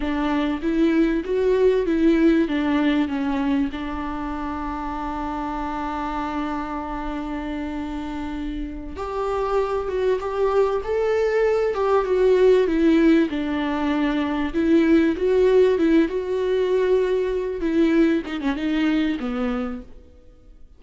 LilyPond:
\new Staff \with { instrumentName = "viola" } { \time 4/4 \tempo 4 = 97 d'4 e'4 fis'4 e'4 | d'4 cis'4 d'2~ | d'1~ | d'2~ d'8 g'4. |
fis'8 g'4 a'4. g'8 fis'8~ | fis'8 e'4 d'2 e'8~ | e'8 fis'4 e'8 fis'2~ | fis'8 e'4 dis'16 cis'16 dis'4 b4 | }